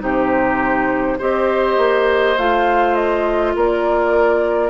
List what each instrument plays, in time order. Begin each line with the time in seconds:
0.00 bassoon C3, clarinet D#4, oboe G4, flute C5
1.18 bassoon C4, clarinet G4, oboe C5, flute D#5
1.78 bassoon A#3
2.38 bassoon A3, clarinet F4, flute F5
2.95 flute D#5
3.56 bassoon A#3, oboe A#4, flute D5